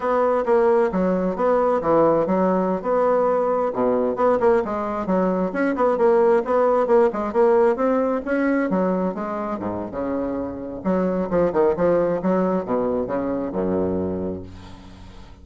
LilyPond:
\new Staff \with { instrumentName = "bassoon" } { \time 4/4 \tempo 4 = 133 b4 ais4 fis4 b4 | e4 fis4~ fis16 b4.~ b16~ | b16 b,4 b8 ais8 gis4 fis8.~ | fis16 cis'8 b8 ais4 b4 ais8 gis16~ |
gis16 ais4 c'4 cis'4 fis8.~ | fis16 gis4 gis,8. cis2 | fis4 f8 dis8 f4 fis4 | b,4 cis4 fis,2 | }